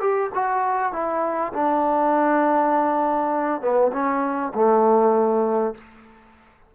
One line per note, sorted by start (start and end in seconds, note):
0.00 0.30 G4
0.34 0.93 F#4
0.93 1.53 E4
1.53 3.61 D4
3.61 3.91 B3
3.92 4.52 C#4
4.55 5.75 A3